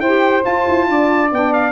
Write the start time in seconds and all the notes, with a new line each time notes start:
0.00 E4 G4 C5 G5
0.41 F4 A5
0.68 E4
0.89 D4 D5
1.32 B3 D4 G5
1.53 F5